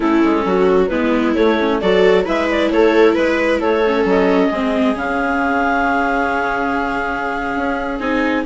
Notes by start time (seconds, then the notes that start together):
0.00 A3 C#4 E4 A4
0.24 G#3
0.44 F#3 F#4
0.87 G#3 B3 E4 B4
1.34 A3 C#5
1.59 C#4
1.80 F#3 F#4 A4 D5
2.25 G#3 E4 B4 E5
2.50 D5
2.70 A3 A4 C#5
3.14 G#3 B4
3.59 A3 A4 C#5
3.86 C#4
4.04 F#3 D#5
4.49 G#3 C4 G#4
4.94 C#3 C#4 F5
7.56 C#4
7.99 C4 D#4 G#5